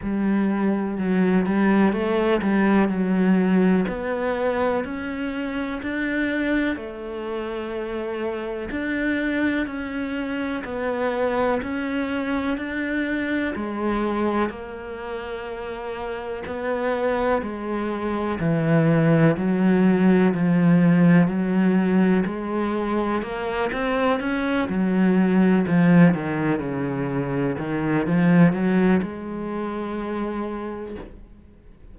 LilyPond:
\new Staff \with { instrumentName = "cello" } { \time 4/4 \tempo 4 = 62 g4 fis8 g8 a8 g8 fis4 | b4 cis'4 d'4 a4~ | a4 d'4 cis'4 b4 | cis'4 d'4 gis4 ais4~ |
ais4 b4 gis4 e4 | fis4 f4 fis4 gis4 | ais8 c'8 cis'8 fis4 f8 dis8 cis8~ | cis8 dis8 f8 fis8 gis2 | }